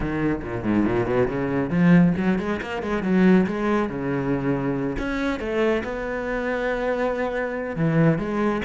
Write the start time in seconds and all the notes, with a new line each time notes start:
0.00 D#3
0.43 A#2
0.63 G#2
0.85 A#2
1.06 B2
1.28 C#3
1.70 F3
2.17 F#3
2.38 G#3
2.61 A#3
2.82 G#3
3.02 F#3
3.46 G#3
3.89 C#3
4.98 C#4
5.39 A3
5.84 B3
7.75 E3
8.18 G#3